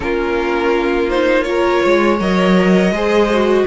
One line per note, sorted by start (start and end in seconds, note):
0.00 1.80 A#3
0.00 1.10 C#4
0.00 1.48 F4
0.00 1.09 A#4
1.09 1.45 D#4
1.09 1.43 C5
1.43 2.18 F4
1.43 1.83 A#4
1.43 2.16 C#5
1.83 2.20 G#3
1.83 2.93 C#5
2.20 2.91 F#3
2.20 2.93 A#4
2.20 3.66 D#5
2.91 3.64 G#3
2.91 3.29 G#4
2.91 3.66 C5
3.33 3.66 F#4